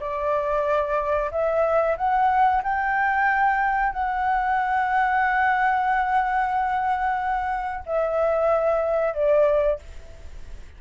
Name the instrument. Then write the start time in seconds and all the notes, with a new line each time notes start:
flute
0.00 D5
1.31 E5
1.97 F#5
2.63 G5
3.92 F#5
7.86 E5
9.14 D5